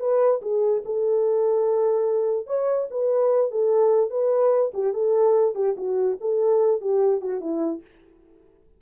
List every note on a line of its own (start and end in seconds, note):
0.00 0.41 B4
0.42 0.83 G#4
0.85 2.47 A4
2.47 2.88 C#5
2.91 3.51 B4
3.51 4.11 A4
4.11 4.72 B4
4.74 4.94 G4
4.94 5.55 A4
5.55 5.76 G4
5.77 6.18 F#4
6.21 6.81 A4
6.81 7.22 G4
7.22 7.41 F#4
7.41 7.82 E4